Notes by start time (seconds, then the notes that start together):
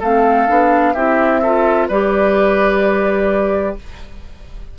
0.00 A3 C4 A4 F5
0.48 B3 D4
0.94 C4 E4 G4 E5
1.42 F4 A4
1.88 G3 G4 B4 D5